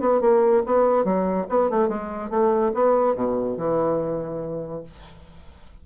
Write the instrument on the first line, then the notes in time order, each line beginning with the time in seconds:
bassoon
0.00 B3
0.21 A#3
0.66 B3
1.04 F#3
1.49 B3
1.70 A3
1.88 G#3
2.30 A3
2.74 B3
3.15 B2
3.57 E3